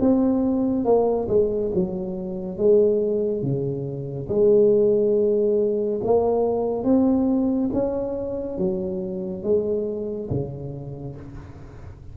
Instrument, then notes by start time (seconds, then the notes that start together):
tuba
0.00 C4
0.85 A#3
1.29 G#3
1.75 F#3
2.58 G#3
3.42 C#3
4.29 G#3
6.04 A#3
6.85 C4
7.73 C#4
8.58 F#3
9.44 G#3
10.30 C#3